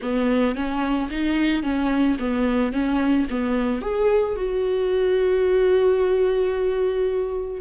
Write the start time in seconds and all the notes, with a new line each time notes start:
0.02 B3
0.55 C#4
1.10 D#4
1.62 C#4
2.19 B3
2.72 C#4
3.30 B3
3.81 G#4
4.36 F#4